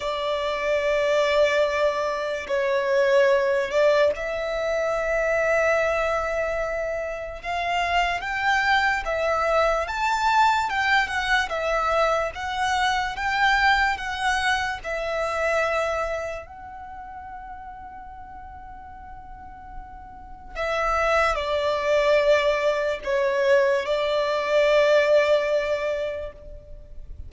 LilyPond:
\new Staff \with { instrumentName = "violin" } { \time 4/4 \tempo 4 = 73 d''2. cis''4~ | cis''8 d''8 e''2.~ | e''4 f''4 g''4 e''4 | a''4 g''8 fis''8 e''4 fis''4 |
g''4 fis''4 e''2 | fis''1~ | fis''4 e''4 d''2 | cis''4 d''2. | }